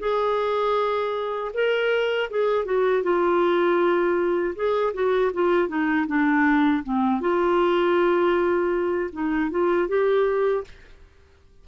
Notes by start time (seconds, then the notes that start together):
0.00 G#4
1.54 A#4
2.31 G#4
2.65 F#4
3.03 F4
4.56 G#4
4.95 F#4
5.34 F4
5.69 D#4
6.08 D4
6.84 C4
7.21 F4
9.13 D#4
9.51 F4
9.89 G4